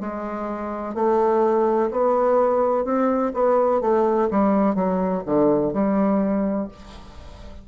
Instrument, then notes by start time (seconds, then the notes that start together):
bassoon
0.00 G#3
0.94 A3
1.90 B3
2.84 C4
3.33 B3
3.81 A3
4.30 G3
4.74 F#3
5.26 D3
5.73 G3